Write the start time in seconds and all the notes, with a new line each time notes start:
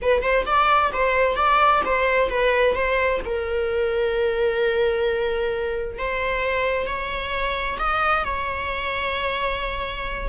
0.02 B4
0.22 C5
0.45 D5
0.93 C5
1.36 D5
1.85 C5
2.29 B4
2.74 C5
3.25 A#4
5.98 C5
6.86 C#5
7.78 D#5
8.24 C#5